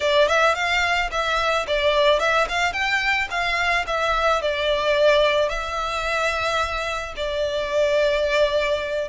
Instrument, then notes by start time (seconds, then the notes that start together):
violin
0.00 D5
0.28 E5
0.55 F5
1.11 E5
1.67 D5
2.19 E5
2.48 F5
2.72 G5
3.30 F5
3.87 E5
4.41 D5
5.48 E5
7.16 D5